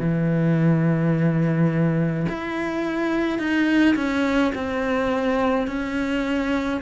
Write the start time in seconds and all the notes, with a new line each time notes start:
0.00 E3
2.28 E4
3.38 D#4
3.95 C#4
4.54 C4
5.67 C#4